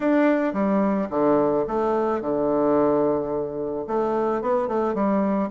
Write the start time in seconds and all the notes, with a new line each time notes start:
0.00 D4
0.53 G3
1.10 D3
1.67 A3
2.21 D3
3.87 A3
4.41 B3
4.68 A3
4.94 G3